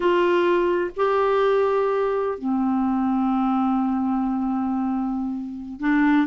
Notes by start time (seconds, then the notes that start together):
0.00 F4
0.96 G4
2.38 C4
5.79 D4